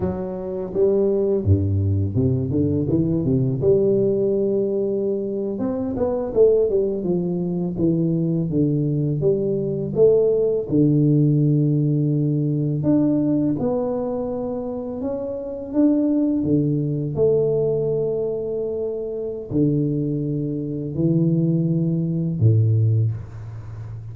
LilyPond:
\new Staff \with { instrumentName = "tuba" } { \time 4/4 \tempo 4 = 83 fis4 g4 g,4 c8 d8 | e8 c8 g2~ g8. c'16~ | c'16 b8 a8 g8 f4 e4 d16~ | d8. g4 a4 d4~ d16~ |
d4.~ d16 d'4 b4~ b16~ | b8. cis'4 d'4 d4 a16~ | a2. d4~ | d4 e2 a,4 | }